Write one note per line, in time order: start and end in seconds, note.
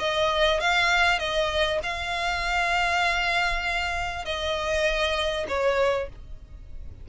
0.00 0.60 D#5
0.60 1.20 F5
1.20 1.80 D#5
1.83 4.25 F5
4.25 5.47 D#5
5.49 6.09 C#5